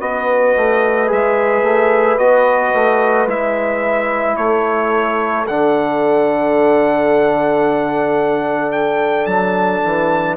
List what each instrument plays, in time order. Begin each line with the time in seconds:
0.00 bassoon B3, trombone F#4, horn B4, trumpet D#5
0.56 bassoon A3
1.07 bassoon G#3, trombone G#4, trumpet E5
1.62 bassoon A3
2.17 bassoon B3, trombone F#4, trumpet D#5
2.74 bassoon A3
3.27 bassoon G#3, trombone E4, trumpet E5
4.36 bassoon A3, horn A4, trumpet C#5
5.47 bassoon D3, trombone D4, trumpet F#5
8.72 trumpet G5
9.26 bassoon F#3, trumpet A5
9.84 bassoon E3